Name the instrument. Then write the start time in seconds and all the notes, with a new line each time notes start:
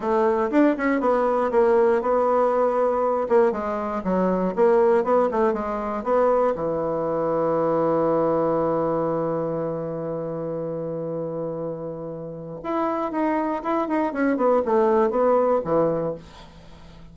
bassoon
0.00 A3
0.50 D4
0.77 C#4
1.00 B3
1.51 A#3
2.01 B3
3.28 A#3
3.52 G#3
4.03 F#3
4.55 A#3
5.04 B3
5.31 A3
5.53 G#3
6.03 B3
6.55 E3
12.63 E4
13.11 D#4
13.63 E4
13.87 D#4
14.12 C#4
14.37 B3
14.65 A3
15.10 B3
15.64 E3